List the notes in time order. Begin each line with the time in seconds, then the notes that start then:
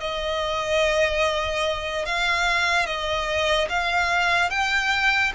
0.00 D#5
2.06 F5
2.86 D#5
3.69 F5
4.50 G5